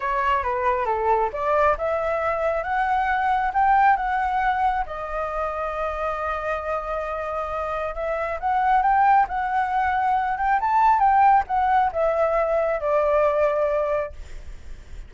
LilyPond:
\new Staff \with { instrumentName = "flute" } { \time 4/4 \tempo 4 = 136 cis''4 b'4 a'4 d''4 | e''2 fis''2 | g''4 fis''2 dis''4~ | dis''1~ |
dis''2 e''4 fis''4 | g''4 fis''2~ fis''8 g''8 | a''4 g''4 fis''4 e''4~ | e''4 d''2. | }